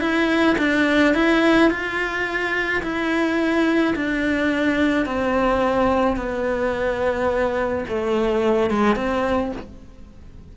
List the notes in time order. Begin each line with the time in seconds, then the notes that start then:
0.00 E4
0.58 D4
1.14 E4
1.70 F4
2.82 E4
3.95 D4
5.05 C4
6.16 B3
7.88 A3
8.70 G#3
8.96 C4